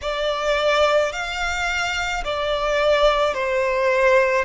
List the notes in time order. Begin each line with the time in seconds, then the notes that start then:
0.02 D5
1.12 F5
2.24 D5
3.34 C5